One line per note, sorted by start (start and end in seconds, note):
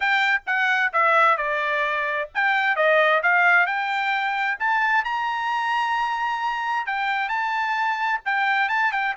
0.00 0.42 G5
0.46 0.92 F#5
0.92 1.37 E5
1.37 2.29 D5
2.34 2.76 G5
2.76 3.21 D#5
3.22 3.66 F5
3.66 4.58 G5
4.59 5.04 A5
5.04 6.86 A#5
6.86 7.28 G5
7.28 8.20 A5
8.25 8.69 G5
8.69 8.91 A5
8.91 9.14 G5